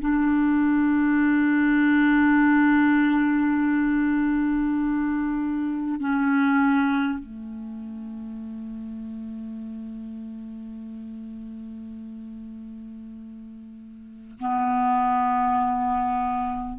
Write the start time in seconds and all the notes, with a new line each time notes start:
0.00 D4
6.00 C#4
7.19 A3
14.39 B3